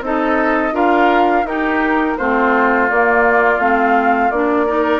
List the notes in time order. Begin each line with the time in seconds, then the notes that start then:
0.00 C4 D#4 A4 D#5
0.72 D4 F4 A#4 F5
1.43 D#4 G4 A#4
2.17 A3 C4 F4 C5
2.88 A#3 D5
3.58 A3 C4 F5
4.30 A#3 D4 D5
4.66 D#4 A#4